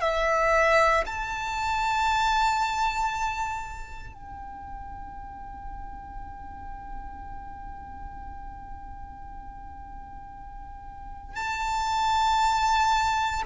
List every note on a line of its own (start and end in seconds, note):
0.00 1.03 E5
1.06 4.13 A5
4.13 11.35 G5
11.35 13.42 A5